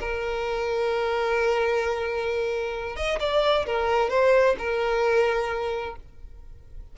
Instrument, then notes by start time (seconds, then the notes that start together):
violin
0.00 A#4
2.96 D#5
3.20 D5
3.66 A#4
4.10 C5
4.58 A#4